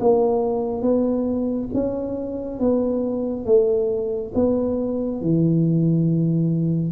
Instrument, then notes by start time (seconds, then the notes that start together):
tuba
0.00 A#3
0.82 B3
1.74 C#4
2.60 B3
3.46 A3
4.35 B3
5.22 E3